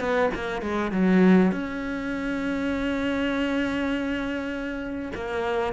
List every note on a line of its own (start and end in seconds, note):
0.00 0.30 B3
0.34 0.62 A#3
0.62 0.92 G#3
0.92 1.52 F#3
1.52 5.12 C#4
5.15 5.73 A#3